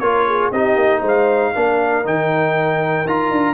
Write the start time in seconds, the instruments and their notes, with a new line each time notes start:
0.00 tuba A#3, trombone F4, horn A#4, trumpet C#5
0.28 horn G#4
0.52 tuba C4, trombone D#4, horn G4, trumpet D#5
0.76 tuba A#3
1.00 tuba G#3, horn C5
1.09 trumpet F5
1.55 tuba A#3, trombone D4, horn A#4
2.05 tuba D#3, trombone D#4, trumpet G5
3.06 tuba D#4, trombone F4, trumpet A#5
3.31 tuba D4